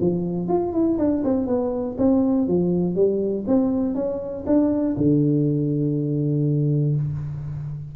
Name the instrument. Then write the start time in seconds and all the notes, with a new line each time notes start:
tuba
0.00 F3
0.48 F4
0.73 E4
0.98 D4
1.24 C4
1.46 B3
1.98 C4
2.47 F3
2.95 G3
3.47 C4
3.94 C#4
4.46 D4
4.97 D3